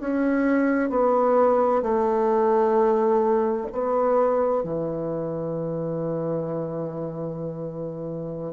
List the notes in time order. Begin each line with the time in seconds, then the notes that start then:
0.00 C#4
0.90 B3
1.82 A3
3.72 B3
4.64 E3